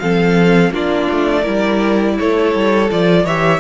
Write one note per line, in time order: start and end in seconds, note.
0.00 0.71 F3
0.00 0.73 C4
0.00 0.74 A4
0.00 0.72 F5
0.71 1.08 A#3
0.71 1.44 D4
0.71 1.42 F4
0.71 2.19 D5
1.11 1.47 A3
1.42 2.19 G3
1.42 2.88 E4
1.42 2.14 A#4
2.19 2.55 A3
2.19 3.24 A4
2.19 2.91 C#5
2.55 2.91 G3
2.90 3.25 F3
2.90 3.27 F4
2.90 3.27 D5
3.24 3.60 E3
3.24 3.60 G4
3.24 3.60 C#5
3.24 3.60 E5